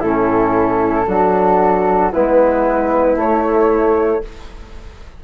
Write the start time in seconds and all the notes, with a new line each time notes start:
0.00 A2 C#4 E4 A4
1.07 F#3 D4 F#4
2.13 G#3 B3 E4 B4
3.15 A3 C#5